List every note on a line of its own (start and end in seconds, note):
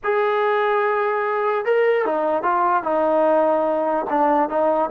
0.03 1.65 G#4
1.65 2.05 A#4
2.05 2.42 D#4
2.42 2.83 F4
2.83 4.05 D#4
4.09 4.49 D4
4.49 4.90 D#4